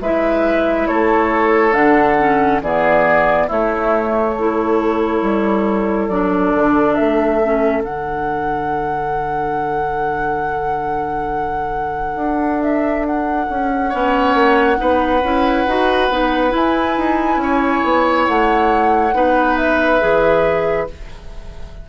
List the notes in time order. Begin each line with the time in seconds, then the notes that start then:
0.00 G#3 E4 B4 E5
0.87 A3 A4 C#5
1.72 D3 D4 F#5
2.18 C#4
2.61 E3 B3 G#4 D5
3.47 A3 E4 C#5
4.34 E4 A4
5.21 G3
6.08 F#3 D4 D5
6.54 D3
6.94 A3 E5
7.43 C#4
7.83 D3 D4 F#5
12.15 D4
12.62 E5
13.06 F#5
13.49 C#4
13.89 B3 C#4 C#5
14.34 A#3
14.76 B3 D#4 B4
15.22 C#4 E4
15.66 D#4 F#4
16.10 B3 D#4
16.49 E4 G#5
16.97 D#4
17.36 C#4
17.42 C#5
17.84 B3
18.26 A3 F#5
19.13 B3 D#4 B4
19.56 E5
20.00 E3 G#4